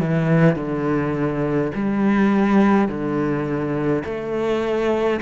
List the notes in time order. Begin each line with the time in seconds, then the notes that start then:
0.00 E3
0.56 D3
1.75 G3
2.88 D3
4.05 A3